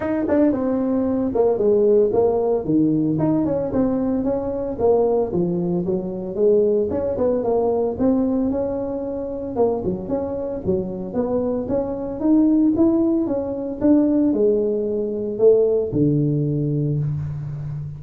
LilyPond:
\new Staff \with { instrumentName = "tuba" } { \time 4/4 \tempo 4 = 113 dis'8 d'8 c'4. ais8 gis4 | ais4 dis4 dis'8 cis'8 c'4 | cis'4 ais4 f4 fis4 | gis4 cis'8 b8 ais4 c'4 |
cis'2 ais8 fis8 cis'4 | fis4 b4 cis'4 dis'4 | e'4 cis'4 d'4 gis4~ | gis4 a4 d2 | }